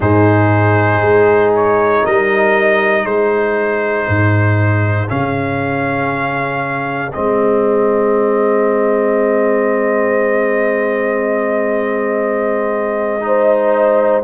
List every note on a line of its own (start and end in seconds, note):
0.00 1.01 G#2
0.00 5.08 D#4
0.00 2.03 G#4
0.00 1.53 C5
1.01 2.03 G#3
1.55 2.05 C#5
2.03 3.04 G3
2.03 3.05 A#4
2.03 3.05 D#5
3.04 4.06 G#3
3.04 13.22 G#4
3.04 5.08 C5
4.08 5.09 G#2
5.08 7.14 C#3
5.08 7.11 C#4
5.08 7.12 F5
7.12 14.23 G#3
7.12 13.20 C4
7.12 14.23 D#5
13.20 14.22 D#4
13.20 14.23 C5